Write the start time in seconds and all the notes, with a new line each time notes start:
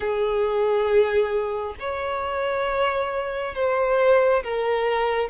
0.00 G#4
1.79 C#5
3.55 C5
4.43 A#4